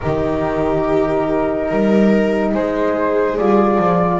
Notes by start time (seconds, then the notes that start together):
0.00 D#3 D#4 G4 A#4
1.68 G3 A#4
2.54 G#3 G#4 C5
3.37 G3 F4 D5
3.78 F3